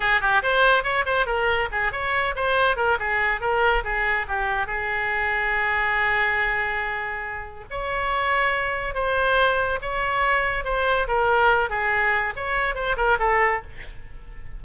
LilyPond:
\new Staff \with { instrumentName = "oboe" } { \time 4/4 \tempo 4 = 141 gis'8 g'8 c''4 cis''8 c''8 ais'4 | gis'8 cis''4 c''4 ais'8 gis'4 | ais'4 gis'4 g'4 gis'4~ | gis'1~ |
gis'2 cis''2~ | cis''4 c''2 cis''4~ | cis''4 c''4 ais'4. gis'8~ | gis'4 cis''4 c''8 ais'8 a'4 | }